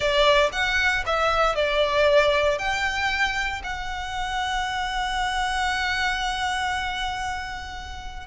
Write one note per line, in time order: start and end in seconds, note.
0.00 0.50 D5
0.52 1.04 F#5
1.06 1.55 E5
1.55 2.58 D5
2.58 3.62 G5
3.63 8.26 F#5